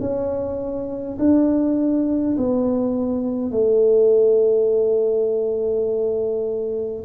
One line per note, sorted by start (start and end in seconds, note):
0.00 1.18 C#4
1.19 2.36 D4
2.37 3.51 B3
3.51 7.04 A3